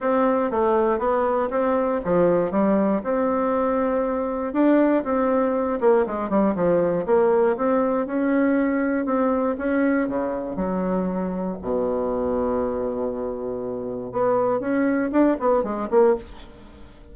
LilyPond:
\new Staff \with { instrumentName = "bassoon" } { \time 4/4 \tempo 4 = 119 c'4 a4 b4 c'4 | f4 g4 c'2~ | c'4 d'4 c'4. ais8 | gis8 g8 f4 ais4 c'4 |
cis'2 c'4 cis'4 | cis4 fis2 b,4~ | b,1 | b4 cis'4 d'8 b8 gis8 ais8 | }